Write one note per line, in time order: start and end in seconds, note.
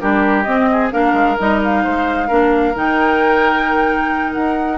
0.00 0.46 G3
0.00 0.45 D4
0.00 0.69 G4
0.00 0.42 A#4
0.42 0.91 C4
0.42 0.92 C4
0.42 0.88 D#5
0.71 0.92 G#4
0.91 1.13 A#3
0.91 1.37 D4
0.91 1.83 A#4
0.91 1.38 F5
1.13 1.36 G#3
1.38 1.85 G3
1.38 2.29 D#4
1.38 1.62 D#5
1.63 2.77 F5
1.83 2.30 G#3
1.83 2.27 C5
2.27 2.75 A#3
2.27 2.74 D4
2.27 4.78 A#4
2.75 4.36 D#3
2.75 4.78 D#4
2.75 4.33 G5
4.33 4.78 D#4
4.33 4.78 F#5